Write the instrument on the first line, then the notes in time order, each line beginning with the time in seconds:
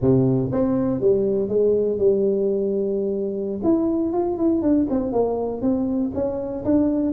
tuba
0.01 C3
0.52 C4
1.00 G3
1.48 G#3
1.98 G3
3.63 E4
4.12 F4
4.37 E4
4.61 D4
4.90 C4
5.12 A#3
5.61 C4
6.14 C#4
6.64 D4